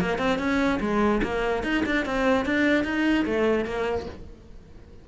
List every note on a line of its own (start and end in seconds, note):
0.00 0.18 A#3
0.18 0.38 C4
0.38 0.79 C#4
0.80 1.21 G#3
1.23 1.63 A#3
1.63 1.84 D#4
1.85 2.05 D4
2.05 2.45 C4
2.45 2.84 D4
2.84 3.25 D#4
3.25 3.65 A3
3.65 4.06 A#3